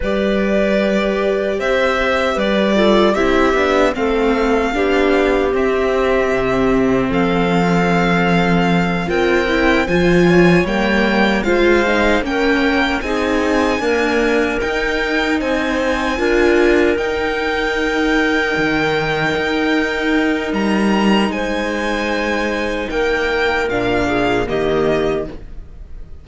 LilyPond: <<
  \new Staff \with { instrumentName = "violin" } { \time 4/4 \tempo 4 = 76 d''2 e''4 d''4 | e''4 f''2 e''4~ | e''4 f''2~ f''8 g''8~ | g''8 gis''4 g''4 f''4 g''8~ |
g''8 gis''2 g''4 gis''8~ | gis''4. g''2~ g''8~ | g''2 ais''4 gis''4~ | gis''4 g''4 f''4 dis''4 | }
  \new Staff \with { instrumentName = "clarinet" } { \time 4/4 b'2 c''4 b'8 a'8 | g'4 a'4 g'2~ | g'4 a'2~ a'8 ais'8~ | ais'8 c''8 cis''4. c''4 ais'8~ |
ais'8 gis'4 ais'2 c''8~ | c''8 ais'2.~ ais'8~ | ais'2. c''4~ | c''4 ais'4. gis'8 g'4 | }
  \new Staff \with { instrumentName = "viola" } { \time 4/4 g'2.~ g'8 f'8 | e'8 d'8 c'4 d'4 c'4~ | c'2.~ c'8 f'8 | e'8 f'4 ais4 f'8 dis'8 cis'8~ |
cis'8 dis'4 ais4 dis'4.~ | dis'8 f'4 dis'2~ dis'8~ | dis'1~ | dis'2 d'4 ais4 | }
  \new Staff \with { instrumentName = "cello" } { \time 4/4 g2 c'4 g4 | c'8 b8 a4 b4 c'4 | c4 f2~ f8 c'8~ | c'8 f4 g4 gis4 ais8~ |
ais8 c'4 d'4 dis'4 c'8~ | c'8 d'4 dis'2 dis8~ | dis8 dis'4. g4 gis4~ | gis4 ais4 ais,4 dis4 | }
>>